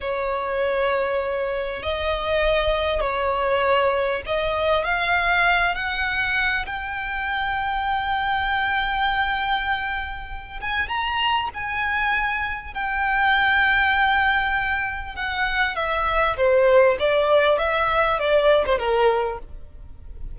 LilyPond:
\new Staff \with { instrumentName = "violin" } { \time 4/4 \tempo 4 = 99 cis''2. dis''4~ | dis''4 cis''2 dis''4 | f''4. fis''4. g''4~ | g''1~ |
g''4. gis''8 ais''4 gis''4~ | gis''4 g''2.~ | g''4 fis''4 e''4 c''4 | d''4 e''4 d''8. c''16 ais'4 | }